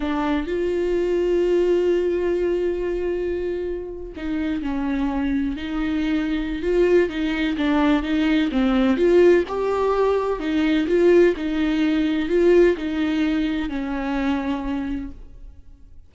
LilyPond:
\new Staff \with { instrumentName = "viola" } { \time 4/4 \tempo 4 = 127 d'4 f'2.~ | f'1~ | f'8. dis'4 cis'2 dis'16~ | dis'2 f'4 dis'4 |
d'4 dis'4 c'4 f'4 | g'2 dis'4 f'4 | dis'2 f'4 dis'4~ | dis'4 cis'2. | }